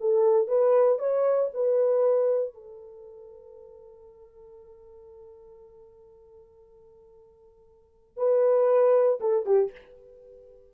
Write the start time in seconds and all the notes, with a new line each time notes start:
0.00 A4
0.47 B4
0.98 C#5
1.54 B4
2.54 A4
8.17 B4
9.20 A4
9.45 G4